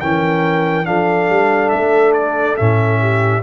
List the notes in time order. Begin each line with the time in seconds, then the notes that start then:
0.00 E3 C#4 A#4 G5
0.85 F3 D4 A4 F5
1.29 G3
1.69 A3 E5
2.13 D5
2.56 A2 C#4 E5
3.00 G4